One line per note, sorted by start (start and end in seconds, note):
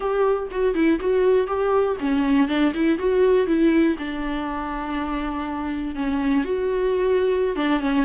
0.00 0.48 G4
0.51 0.74 F#4
0.74 0.99 E4
1.00 1.47 F#4
1.47 1.97 G4
2.00 2.48 C#4
2.48 2.73 D4
2.74 2.98 E4
2.98 3.46 F#4
3.46 3.96 E4
3.98 5.95 D4
5.95 6.44 C#4
6.44 7.56 F#4
7.56 7.80 D4
7.80 8.05 C#4